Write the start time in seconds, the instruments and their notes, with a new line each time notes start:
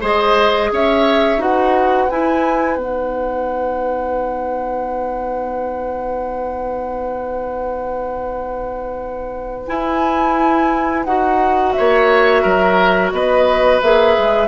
0.00 bassoon G#3, clarinet G#4, oboe C5, flute D#5
0.71 bassoon C#4, oboe C#5, flute E5
1.37 bassoon D#4, clarinet F#4, oboe B4, flute F#5
2.09 clarinet E4, bassoon E4, flute G#5
2.76 bassoon B3, clarinet D#4, flute F#5
9.67 clarinet E4, bassoon E4, flute G#5
11.04 bassoon D#4, clarinet F#4, flute F#5
11.72 oboe C#5, flute E5
11.79 bassoon A#3
12.42 bassoon F#3, oboe A#4
13.11 bassoon B3, oboe B4, flute D#5
13.81 bassoon A#3, clarinet G#4, flute E5
14.18 bassoon G#3